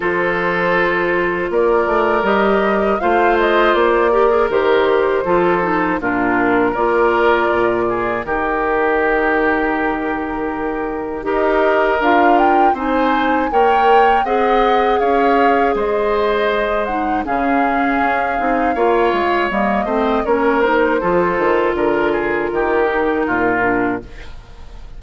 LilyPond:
<<
  \new Staff \with { instrumentName = "flute" } { \time 4/4 \tempo 4 = 80 c''2 d''4 dis''4 | f''8 dis''8 d''4 c''2 | ais'4 d''2 ais'4~ | ais'2. dis''4 |
f''8 g''8 gis''4 g''4 fis''4 | f''4 dis''4. fis''8 f''4~ | f''2 dis''4 cis''8 c''8~ | c''4 ais'2. | }
  \new Staff \with { instrumentName = "oboe" } { \time 4/4 a'2 ais'2 | c''4. ais'4. a'4 | f'4 ais'4. gis'8 g'4~ | g'2. ais'4~ |
ais'4 c''4 cis''4 dis''4 | cis''4 c''2 gis'4~ | gis'4 cis''4. c''8 ais'4 | a'4 ais'8 gis'8 g'4 f'4 | }
  \new Staff \with { instrumentName = "clarinet" } { \time 4/4 f'2. g'4 | f'4. g'16 gis'16 g'4 f'8 dis'8 | d'4 f'2 dis'4~ | dis'2. g'4 |
f'4 dis'4 ais'4 gis'4~ | gis'2~ gis'8 dis'8 cis'4~ | cis'8 dis'8 f'4 ais8 c'8 cis'8 dis'8 | f'2~ f'8 dis'4 d'8 | }
  \new Staff \with { instrumentName = "bassoon" } { \time 4/4 f2 ais8 a8 g4 | a4 ais4 dis4 f4 | ais,4 ais4 ais,4 dis4~ | dis2. dis'4 |
d'4 c'4 ais4 c'4 | cis'4 gis2 cis4 | cis'8 c'8 ais8 gis8 g8 a8 ais4 | f8 dis8 d4 dis4 ais,4 | }
>>